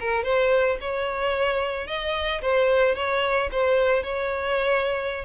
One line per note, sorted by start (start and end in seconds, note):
0.00 0.24 A#4
0.24 0.78 C5
0.81 1.87 C#5
1.87 2.41 D#5
2.42 2.96 C5
2.96 3.50 C#5
3.52 4.03 C5
4.03 5.25 C#5